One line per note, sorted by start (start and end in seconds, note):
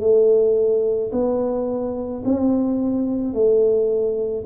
0.00 1.11 A3
1.12 2.23 B3
2.25 3.33 C4
3.33 4.44 A3